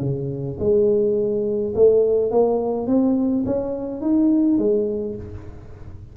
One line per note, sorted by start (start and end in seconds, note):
0.00 0.57 C#3
0.59 1.74 G#3
1.75 2.31 A3
2.31 2.87 A#3
2.87 3.44 C4
3.46 4.01 C#4
4.01 4.58 D#4
4.58 5.15 G#3